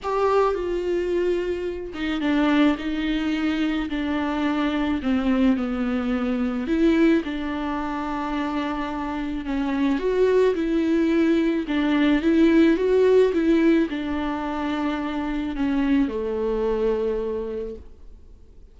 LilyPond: \new Staff \with { instrumentName = "viola" } { \time 4/4 \tempo 4 = 108 g'4 f'2~ f'8 dis'8 | d'4 dis'2 d'4~ | d'4 c'4 b2 | e'4 d'2.~ |
d'4 cis'4 fis'4 e'4~ | e'4 d'4 e'4 fis'4 | e'4 d'2. | cis'4 a2. | }